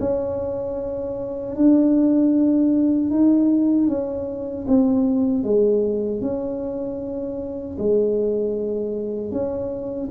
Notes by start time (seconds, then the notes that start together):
0.00 C#4
1.55 D4
3.11 D#4
3.88 C#4
4.68 C4
5.44 G#3
6.21 C#4
7.79 G#3
9.32 C#4